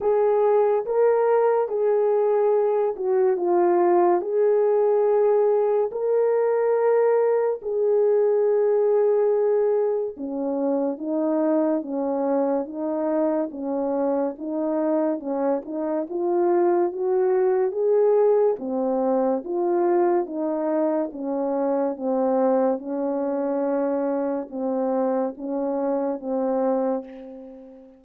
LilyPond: \new Staff \with { instrumentName = "horn" } { \time 4/4 \tempo 4 = 71 gis'4 ais'4 gis'4. fis'8 | f'4 gis'2 ais'4~ | ais'4 gis'2. | cis'4 dis'4 cis'4 dis'4 |
cis'4 dis'4 cis'8 dis'8 f'4 | fis'4 gis'4 c'4 f'4 | dis'4 cis'4 c'4 cis'4~ | cis'4 c'4 cis'4 c'4 | }